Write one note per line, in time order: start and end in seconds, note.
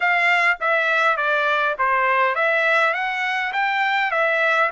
0.00 0.57 F5
0.60 1.17 E5
1.17 1.75 D5
1.78 2.35 C5
2.35 2.93 E5
2.93 3.52 F#5
3.52 4.11 G5
4.11 4.70 E5